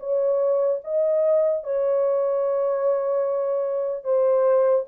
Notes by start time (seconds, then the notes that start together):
0.00 C#5
0.84 D#5
1.64 C#5
4.05 C5